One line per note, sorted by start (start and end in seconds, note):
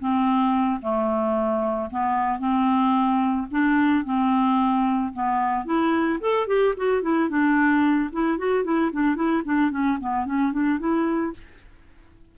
0.00 0.81 C4
0.82 1.90 A3
1.91 2.39 B3
2.39 3.47 C4
3.51 4.05 D4
4.05 5.13 C4
5.14 5.66 B3
5.66 6.20 E4
6.21 6.48 A4
6.48 6.75 G4
6.77 7.02 F#4
7.02 7.29 E4
7.29 8.11 D4
8.13 8.39 E4
8.39 8.64 F#4
8.64 8.91 E4
8.93 9.16 D4
9.16 9.43 E4
9.45 9.71 D4
9.71 9.99 C#4
10.01 10.26 B3
10.26 10.53 C#4
10.53 10.80 D4
10.80 11.34 E4